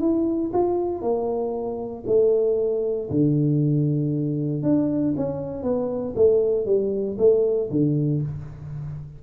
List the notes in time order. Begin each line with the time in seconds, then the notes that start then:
0.00 E4
0.53 F4
1.02 A#3
2.07 A3
3.10 D3
4.63 D4
5.17 C#4
5.63 B3
6.16 A3
6.65 G3
7.18 A3
7.70 D3